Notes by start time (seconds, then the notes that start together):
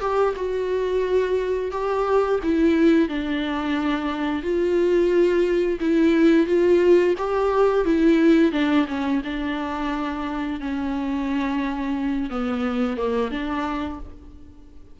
0.00 G4
0.36 F#4
1.71 G4
2.43 E4
3.08 D4
4.43 F4
5.80 E4
6.46 F4
7.18 G4
7.85 E4
8.52 D4
8.88 C#4
9.24 D4
10.60 C#4
12.30 B3
12.97 A#3
13.31 D4